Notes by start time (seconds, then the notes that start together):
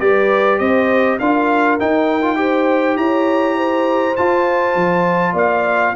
0.00 G3 G4 B4 D5
0.59 C4 C5 D#5
1.19 D4 F4 A#4 F5
1.79 D#4 G5
2.22 F4
2.36 G4 C5
2.97 E4 C#5 A#5
3.56 C5
4.16 F4 A5
4.75 F3
5.33 A#3 D5 F5